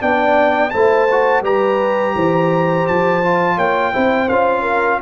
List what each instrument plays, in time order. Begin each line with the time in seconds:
0.00 tuba B3, trombone D4, horn D5, trumpet G5
0.70 tuba A3, trombone E4, horn C5, trumpet A5
1.11 trombone F#4
1.42 tuba G3, trombone G4, horn B4, trumpet A#5
2.15 tuba E3, horn C5
2.87 tuba F3, trumpet A5
3.24 trombone F4
3.56 tuba A#3, horn C#5, trumpet G5
3.93 tuba C4, trombone E4, horn C5
4.29 tuba C#4, trombone F4, trumpet F5
4.62 horn A#4